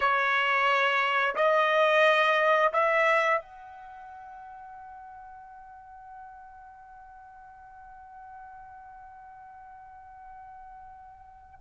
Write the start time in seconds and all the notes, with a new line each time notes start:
0.00 C#5
1.35 D#5
2.73 E5
3.41 F#5